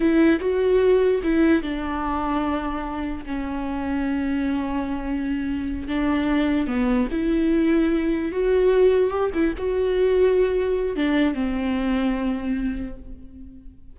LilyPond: \new Staff \with { instrumentName = "viola" } { \time 4/4 \tempo 4 = 148 e'4 fis'2 e'4 | d'1 | cis'1~ | cis'2~ cis'8 d'4.~ |
d'8 b4 e'2~ e'8~ | e'8 fis'2 g'8 e'8 fis'8~ | fis'2. d'4 | c'1 | }